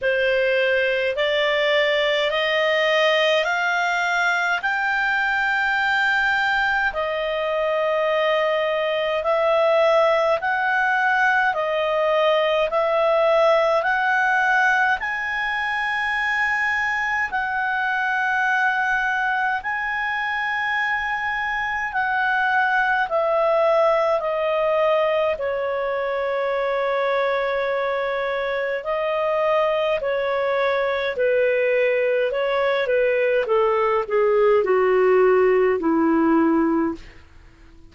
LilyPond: \new Staff \with { instrumentName = "clarinet" } { \time 4/4 \tempo 4 = 52 c''4 d''4 dis''4 f''4 | g''2 dis''2 | e''4 fis''4 dis''4 e''4 | fis''4 gis''2 fis''4~ |
fis''4 gis''2 fis''4 | e''4 dis''4 cis''2~ | cis''4 dis''4 cis''4 b'4 | cis''8 b'8 a'8 gis'8 fis'4 e'4 | }